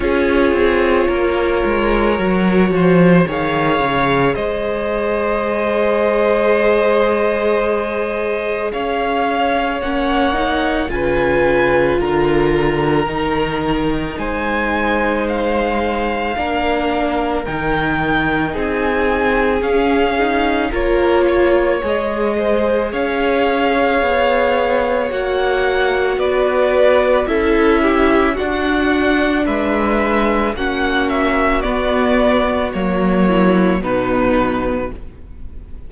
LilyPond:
<<
  \new Staff \with { instrumentName = "violin" } { \time 4/4 \tempo 4 = 55 cis''2. f''4 | dis''1 | f''4 fis''4 gis''4 ais''4~ | ais''4 gis''4 f''2 |
g''4 gis''4 f''4 cis''4 | dis''4 f''2 fis''4 | d''4 e''4 fis''4 e''4 | fis''8 e''8 d''4 cis''4 b'4 | }
  \new Staff \with { instrumentName = "violin" } { \time 4/4 gis'4 ais'4. c''8 cis''4 | c''1 | cis''2 b'4 ais'4~ | ais'4 c''2 ais'4~ |
ais'4 gis'2 ais'8 cis''8~ | cis''8 c''8 cis''2. | b'4 a'8 g'8 fis'4 b'4 | fis'2~ fis'8 e'8 dis'4 | }
  \new Staff \with { instrumentName = "viola" } { \time 4/4 f'2 fis'4 gis'4~ | gis'1~ | gis'4 cis'8 dis'8 f'2 | dis'2. d'4 |
dis'2 cis'8 dis'8 f'4 | gis'2. fis'4~ | fis'4 e'4 d'2 | cis'4 b4 ais4 b4 | }
  \new Staff \with { instrumentName = "cello" } { \time 4/4 cis'8 c'8 ais8 gis8 fis8 f8 dis8 cis8 | gis1 | cis'4 ais4 cis4 d4 | dis4 gis2 ais4 |
dis4 c'4 cis'4 ais4 | gis4 cis'4 b4 ais4 | b4 cis'4 d'4 gis4 | ais4 b4 fis4 b,4 | }
>>